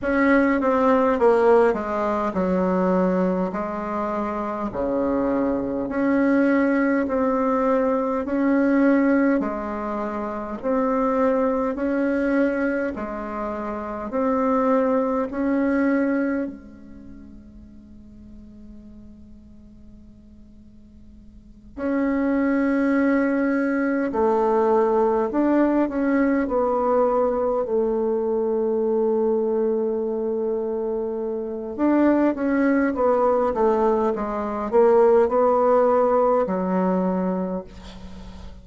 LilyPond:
\new Staff \with { instrumentName = "bassoon" } { \time 4/4 \tempo 4 = 51 cis'8 c'8 ais8 gis8 fis4 gis4 | cis4 cis'4 c'4 cis'4 | gis4 c'4 cis'4 gis4 | c'4 cis'4 gis2~ |
gis2~ gis8 cis'4.~ | cis'8 a4 d'8 cis'8 b4 a8~ | a2. d'8 cis'8 | b8 a8 gis8 ais8 b4 fis4 | }